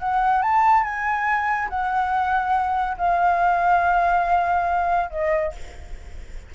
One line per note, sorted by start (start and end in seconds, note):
0.00 0.43 F#5
0.43 0.84 A5
0.84 1.69 G#5
1.69 2.97 F#5
2.98 5.10 F5
5.10 5.53 D#5